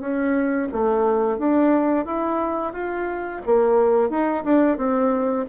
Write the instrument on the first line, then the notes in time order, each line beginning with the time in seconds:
bassoon
0.00 C#4
0.72 A3
1.38 D4
2.05 E4
2.73 F4
3.46 A#3
4.10 D#4
4.44 D4
4.77 C4